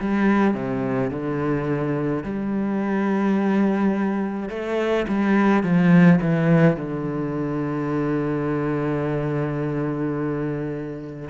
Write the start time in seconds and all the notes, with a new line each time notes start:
0.00 G3
0.54 C3
1.10 D3
2.24 G3
4.49 A3
5.08 G3
5.63 F3
6.21 E3
6.77 D3